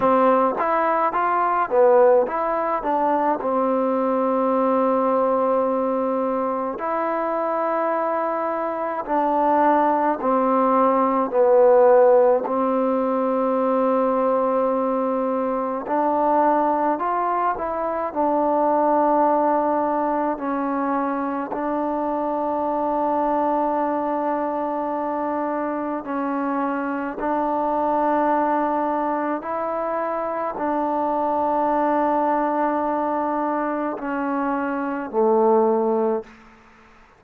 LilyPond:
\new Staff \with { instrumentName = "trombone" } { \time 4/4 \tempo 4 = 53 c'8 e'8 f'8 b8 e'8 d'8 c'4~ | c'2 e'2 | d'4 c'4 b4 c'4~ | c'2 d'4 f'8 e'8 |
d'2 cis'4 d'4~ | d'2. cis'4 | d'2 e'4 d'4~ | d'2 cis'4 a4 | }